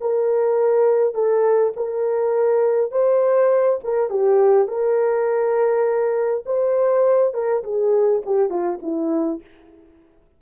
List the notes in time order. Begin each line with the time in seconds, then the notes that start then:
0.00 A#4
1.14 A4
1.76 A#4
2.91 C5
3.83 A#4
4.09 G4
4.67 A#4
6.45 C5
7.33 A#4
7.63 G#4
8.25 G4
8.49 F4
8.82 E4